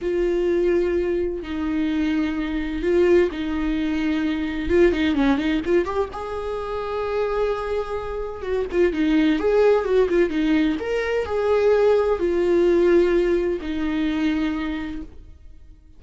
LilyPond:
\new Staff \with { instrumentName = "viola" } { \time 4/4 \tempo 4 = 128 f'2. dis'4~ | dis'2 f'4 dis'4~ | dis'2 f'8 dis'8 cis'8 dis'8 | f'8 g'8 gis'2.~ |
gis'2 fis'8 f'8 dis'4 | gis'4 fis'8 f'8 dis'4 ais'4 | gis'2 f'2~ | f'4 dis'2. | }